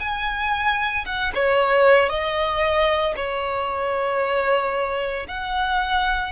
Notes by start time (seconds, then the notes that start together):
0.00 G#5
1.06 F#5
1.35 C#5
2.10 D#5
3.16 C#5
5.28 F#5